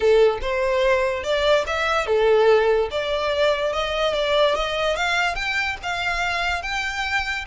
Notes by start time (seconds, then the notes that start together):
0.00 A4
0.41 C5
1.23 D5
1.66 E5
2.06 A4
2.90 D5
3.72 D#5
4.13 D5
4.55 D#5
4.95 F5
5.35 G5
5.82 F5
6.62 G5